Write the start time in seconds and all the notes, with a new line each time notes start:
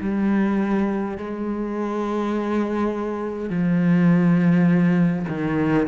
0.00 G3
1.17 G#3
3.49 F3
5.28 D#3